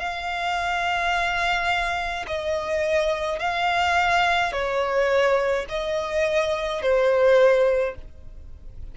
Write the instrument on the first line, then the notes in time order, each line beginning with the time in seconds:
violin
0.00 F5
2.28 D#5
3.40 F5
4.53 C#5
5.69 D#5
6.82 C5